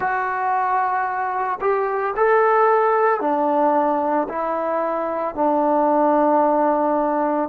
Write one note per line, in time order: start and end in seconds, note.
0.00 1.59 F#4
1.61 2.14 G4
2.16 3.20 A4
3.20 4.27 D4
4.29 5.35 E4
5.35 7.49 D4